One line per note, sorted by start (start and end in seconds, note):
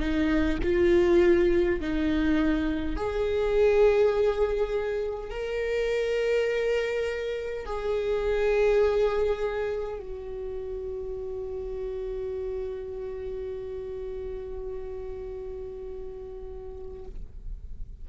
0.00 0.59 D#4
0.64 1.81 F4
1.81 2.97 D#4
2.97 5.30 G#4
5.30 7.66 A#4
7.66 10.00 G#4
10.00 17.06 F#4